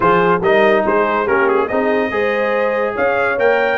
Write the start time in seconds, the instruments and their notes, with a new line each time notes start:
0.00 tuba F3, trombone F4, horn G#4, trumpet C5
0.41 tuba G3, trombone D#4, horn A#4, trumpet D#5
0.85 tuba G#3, horn G#4, trumpet C5
1.24 tuba A#3, trombone C#4, horn G4, trumpet A#4
1.48 trumpet G#4
1.67 tuba C4, trombone D#4, horn G#4, trumpet D#5
2.10 tuba G#3, trombone G#4, horn C5
2.94 tuba C#4, horn C#5, trumpet F5
3.37 tuba A#3, trombone A#4, trumpet G5